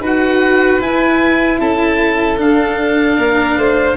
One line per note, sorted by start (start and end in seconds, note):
0.00 0.79 D#4
0.00 0.81 F#4
0.00 1.59 B4
0.06 0.82 F#5
0.80 1.59 E4
0.80 2.37 E4
0.80 1.61 G#5
1.60 2.39 C#4
1.60 3.18 A4
1.60 2.39 A5
2.37 3.95 D4
2.37 3.18 D4
2.37 3.97 F5
3.18 3.57 A#3
3.18 3.58 A#4
3.57 3.97 A3
3.57 3.97 C5